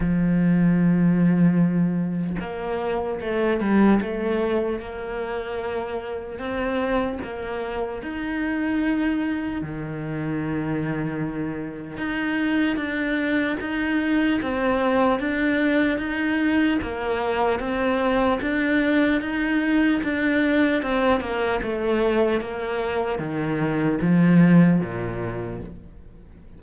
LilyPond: \new Staff \with { instrumentName = "cello" } { \time 4/4 \tempo 4 = 75 f2. ais4 | a8 g8 a4 ais2 | c'4 ais4 dis'2 | dis2. dis'4 |
d'4 dis'4 c'4 d'4 | dis'4 ais4 c'4 d'4 | dis'4 d'4 c'8 ais8 a4 | ais4 dis4 f4 ais,4 | }